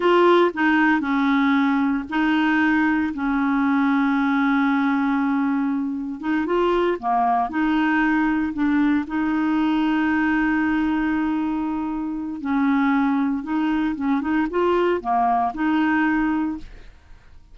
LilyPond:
\new Staff \with { instrumentName = "clarinet" } { \time 4/4 \tempo 4 = 116 f'4 dis'4 cis'2 | dis'2 cis'2~ | cis'1 | dis'8 f'4 ais4 dis'4.~ |
dis'8 d'4 dis'2~ dis'8~ | dis'1 | cis'2 dis'4 cis'8 dis'8 | f'4 ais4 dis'2 | }